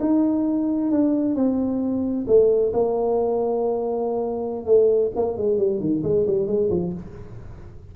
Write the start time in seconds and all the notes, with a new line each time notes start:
0.00 D#4
0.91 D4
1.35 C4
2.27 A3
2.73 A#3
4.66 A3
5.16 A#3
5.37 G#3
5.58 G3
5.80 D#3
6.03 G#3
6.27 G3
6.47 G#3
6.70 F3